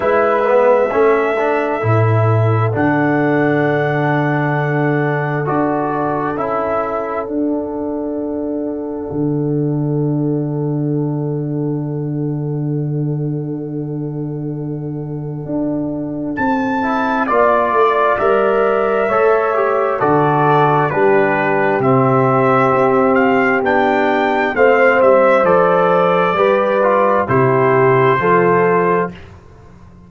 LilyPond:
<<
  \new Staff \with { instrumentName = "trumpet" } { \time 4/4 \tempo 4 = 66 e''2. fis''4~ | fis''2 d''4 e''4 | fis''1~ | fis''1~ |
fis''2 a''4 d''4 | e''2 d''4 b'4 | e''4. f''8 g''4 f''8 e''8 | d''2 c''2 | }
  \new Staff \with { instrumentName = "horn" } { \time 4/4 b'4 a'2.~ | a'1~ | a'1~ | a'1~ |
a'2. d''4~ | d''4 cis''4 a'4 g'4~ | g'2. c''4~ | c''4 b'4 g'4 a'4 | }
  \new Staff \with { instrumentName = "trombone" } { \time 4/4 e'8 b8 cis'8 d'8 e'4 d'4~ | d'2 fis'4 e'4 | d'1~ | d'1~ |
d'2~ d'8 e'8 f'4 | ais'4 a'8 g'8 fis'4 d'4 | c'2 d'4 c'4 | a'4 g'8 f'8 e'4 f'4 | }
  \new Staff \with { instrumentName = "tuba" } { \time 4/4 gis4 a4 a,4 d4~ | d2 d'4 cis'4 | d'2 d2~ | d1~ |
d4 d'4 c'4 ais8 a8 | g4 a4 d4 g4 | c4 c'4 b4 a8 g8 | f4 g4 c4 f4 | }
>>